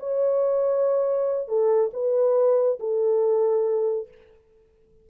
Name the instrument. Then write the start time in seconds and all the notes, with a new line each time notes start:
horn
0.00 C#5
1.49 A4
1.94 B4
2.80 A4